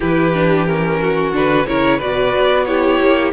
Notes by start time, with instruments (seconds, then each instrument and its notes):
0.00 cello E3, viola E4, violin G4 B4
0.33 viola D4
0.66 viola C#4, violin A#4
1.00 violin F#4
1.32 cello D3, viola D4, violin B4
1.66 cello C#3, viola E4, violin A#4 C#5
1.98 cello B2, viola F#4, violin B4 D5
2.35 cello B3
2.65 viola E4, violin G4 C#5
2.99 cello A#3